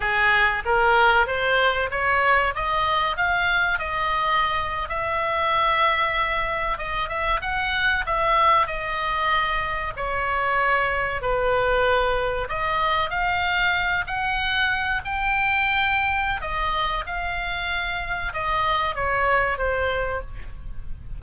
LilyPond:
\new Staff \with { instrumentName = "oboe" } { \time 4/4 \tempo 4 = 95 gis'4 ais'4 c''4 cis''4 | dis''4 f''4 dis''4.~ dis''16 e''16~ | e''2~ e''8. dis''8 e''8 fis''16~ | fis''8. e''4 dis''2 cis''16~ |
cis''4.~ cis''16 b'2 dis''16~ | dis''8. f''4. fis''4. g''16~ | g''2 dis''4 f''4~ | f''4 dis''4 cis''4 c''4 | }